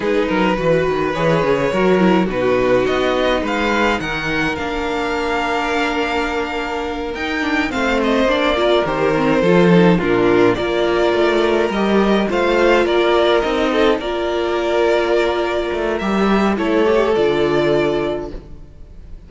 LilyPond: <<
  \new Staff \with { instrumentName = "violin" } { \time 4/4 \tempo 4 = 105 b'2 cis''2 | b'4 dis''4 f''4 fis''4 | f''1~ | f''8 g''4 f''8 dis''8 d''4 c''8~ |
c''4. ais'4 d''4.~ | d''8 dis''4 f''4 d''4 dis''8~ | dis''8 d''2.~ d''8 | e''4 cis''4 d''2 | }
  \new Staff \with { instrumentName = "violin" } { \time 4/4 gis'8 ais'8 b'2 ais'4 | fis'2 b'4 ais'4~ | ais'1~ | ais'4. c''4. ais'4~ |
ais'8 a'4 f'4 ais'4.~ | ais'4. c''4 ais'4. | a'8 ais'2.~ ais'8~ | ais'4 a'2. | }
  \new Staff \with { instrumentName = "viola" } { \time 4/4 dis'4 fis'4 gis'4 fis'8 e'8 | dis'1 | d'1~ | d'8 dis'8 d'8 c'4 d'8 f'8 g'8 |
c'8 f'8 dis'8 d'4 f'4.~ | f'8 g'4 f'2 dis'8~ | dis'8 f'2.~ f'8 | g'4 e'8 g'8 f'2 | }
  \new Staff \with { instrumentName = "cello" } { \time 4/4 gis8 fis8 e8 dis8 e8 cis8 fis4 | b,4 b4 gis4 dis4 | ais1~ | ais8 dis'4 a4 ais4 dis8~ |
dis8 f4 ais,4 ais4 a8~ | a8 g4 a4 ais4 c'8~ | c'8 ais2. a8 | g4 a4 d2 | }
>>